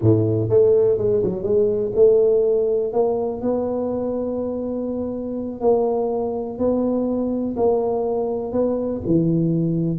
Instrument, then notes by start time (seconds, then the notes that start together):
tuba
0.01 A2
0.49 A3
0.98 G#3
1.23 F#3
1.43 G#3
1.95 A3
2.92 A#3
3.41 B3
5.61 A#3
6.58 B3
7.56 A#3
8.52 B3
9.06 E3